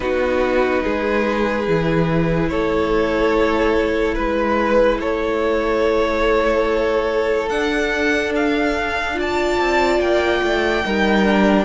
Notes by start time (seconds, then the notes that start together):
0.00 B3 D#4 F#4 B4
0.83 G#3 G#4
1.67 E3 E4
2.48 A3 A4 C#5
4.14 G#3 B4
5.00 A3 A4 C#5
7.49 D4 F#5
8.35 F5
9.15 F4 D5 A5
9.59 C4
9.99 A#3 G5
10.42 A3
10.84 G3 D#4 A#4
11.25 D4